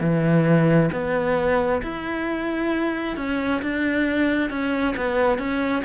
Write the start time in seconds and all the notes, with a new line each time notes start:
0.00 E3
0.92 B3
1.82 E4
3.16 C#4
3.62 D4
4.50 C#4
4.96 B3
5.38 C#4